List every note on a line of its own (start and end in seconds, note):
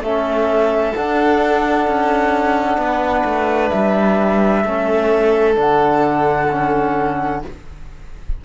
0.00 0.92 A3
0.00 0.96 C#4
0.00 2.80 A4
0.00 0.95 E5
0.96 1.87 D4
0.96 4.66 D4
0.96 3.69 F#5
1.87 2.77 C#4
2.77 3.23 B3
2.77 4.64 B4
3.24 3.70 A3
3.69 4.64 G3
3.69 5.54 E5
4.64 5.56 A3
4.64 5.55 C#4
4.64 7.41 A4
5.55 7.42 D3
5.55 6.47 D4
5.55 7.44 F#5
6.51 7.43 C#4